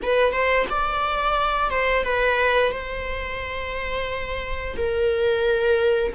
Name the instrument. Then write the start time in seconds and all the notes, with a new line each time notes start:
viola
0.02 B4
0.32 C5
0.69 D5
1.70 C5
2.04 B4
2.71 C5
4.76 A#4